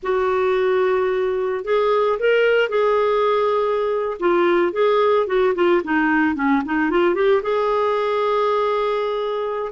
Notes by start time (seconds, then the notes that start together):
0.02 F#4
1.64 G#4
2.19 A#4
2.69 G#4
4.19 F4
4.72 G#4
5.27 F#4
5.54 F4
5.84 D#4
6.35 C#4
6.65 D#4
6.90 F4
7.14 G4
7.42 G#4